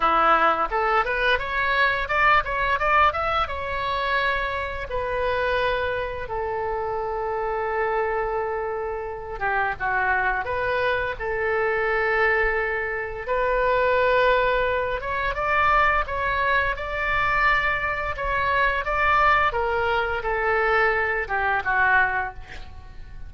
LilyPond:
\new Staff \with { instrumentName = "oboe" } { \time 4/4 \tempo 4 = 86 e'4 a'8 b'8 cis''4 d''8 cis''8 | d''8 e''8 cis''2 b'4~ | b'4 a'2.~ | a'4. g'8 fis'4 b'4 |
a'2. b'4~ | b'4. cis''8 d''4 cis''4 | d''2 cis''4 d''4 | ais'4 a'4. g'8 fis'4 | }